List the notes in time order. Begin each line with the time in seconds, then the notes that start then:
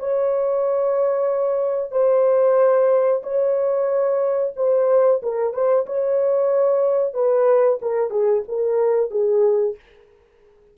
0.00 C#5
1.92 C5
3.23 C#5
4.57 C5
5.23 A#4
5.54 C5
5.87 C#5
7.14 B4
7.82 A#4
8.11 G#4
8.49 A#4
9.11 G#4